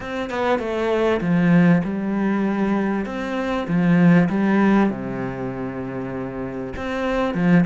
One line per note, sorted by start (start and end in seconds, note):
0.00 0.29 C4
0.29 0.59 B3
0.59 1.20 A3
1.21 1.82 F3
1.84 3.05 G3
3.05 3.66 C4
3.67 4.28 F3
4.29 4.90 G3
4.90 6.73 C3
6.76 7.34 C4
7.34 7.64 F3